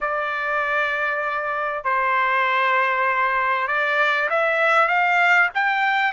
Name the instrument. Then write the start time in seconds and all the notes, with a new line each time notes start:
trumpet
0.00 D5
1.84 C5
3.67 D5
4.29 E5
4.88 F5
5.54 G5